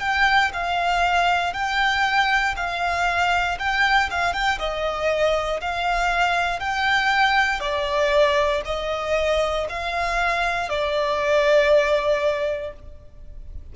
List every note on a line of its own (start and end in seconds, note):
0.00 0.51 G5
0.53 1.53 F5
1.53 2.55 G5
2.56 3.58 F5
3.59 4.10 G5
4.10 4.33 F5
4.33 4.59 G5
4.59 5.60 D#5
5.61 6.60 F5
6.60 7.60 G5
7.60 8.62 D5
8.65 9.67 D#5
9.69 10.69 F5
10.69 12.73 D5